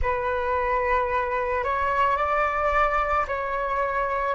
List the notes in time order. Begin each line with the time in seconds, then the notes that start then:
0.01 B4
1.64 C#5
2.17 D5
3.27 C#5